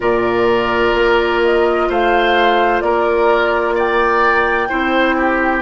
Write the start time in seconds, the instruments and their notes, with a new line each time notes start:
0.00 bassoon A#2, clarinet F4, oboe A#4, flute D5
0.94 bassoon A#3
1.44 flute D#5
1.89 bassoon A3, oboe C5, flute F5
2.80 bassoon A#3, oboe A#4, flute D5
3.74 oboe D5, flute G5
4.68 bassoon C4, clarinet E4, oboe C5
5.17 oboe G4